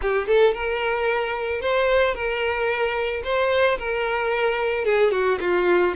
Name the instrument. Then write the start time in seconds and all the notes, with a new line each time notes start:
violin
0.01 G4
0.27 A4
0.54 A#4
1.61 C5
2.14 A#4
3.24 C5
3.78 A#4
4.85 G#4
5.11 F#4
5.40 F4